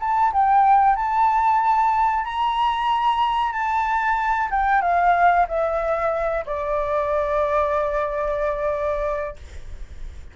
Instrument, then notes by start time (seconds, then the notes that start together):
flute
0.00 A5
0.33 G5
0.96 A5
2.25 A#5
3.52 A5
4.51 G5
4.82 F5
5.48 E5
6.46 D5